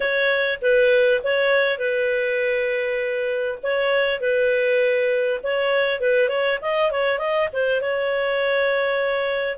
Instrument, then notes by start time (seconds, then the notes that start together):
clarinet
0.00 C#5
0.61 B4
1.23 C#5
1.78 B4
3.62 C#5
4.20 B4
5.43 C#5
6.00 B4
6.28 C#5
6.61 D#5
6.91 C#5
7.18 D#5
7.52 C5
7.81 C#5